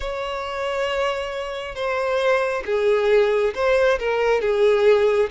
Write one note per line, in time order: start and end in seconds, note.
0.00 1.74 C#5
1.74 2.63 C5
2.65 3.53 G#4
3.54 3.98 C5
3.99 4.41 A#4
4.41 5.29 G#4